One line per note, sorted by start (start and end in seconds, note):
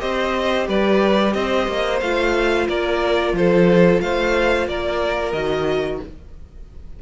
0.00 0.68 C4
0.00 2.00 G4
0.00 0.68 C5
0.00 0.67 D#5
0.68 1.35 G3
0.68 1.34 B4
0.68 1.34 D5
1.34 1.68 C4
1.34 2.68 C5
1.34 2.00 D#5
1.68 2.02 A#3
2.01 2.68 A3
2.01 5.35 F4
2.01 2.67 F5
2.68 3.33 A#3
2.68 3.35 A#4
2.68 3.36 D5
3.33 4.00 F3
3.33 4.03 A4
3.33 4.01 C5
4.01 4.67 A3
4.01 4.69 C5
4.01 4.68 F5
4.67 5.33 A#3
4.67 6.03 A#4
4.67 5.33 D5
5.33 6.00 D#3
5.33 6.02 F#4
5.33 6.00 D#5